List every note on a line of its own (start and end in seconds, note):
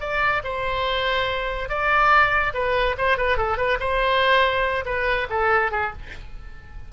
0.00 0.42 D5
0.43 1.69 C5
1.69 2.53 D5
2.53 2.95 B4
2.97 3.17 C5
3.17 3.37 B4
3.37 3.57 A4
3.57 3.78 B4
3.79 4.84 C5
4.85 5.27 B4
5.29 5.71 A4
5.71 5.92 G#4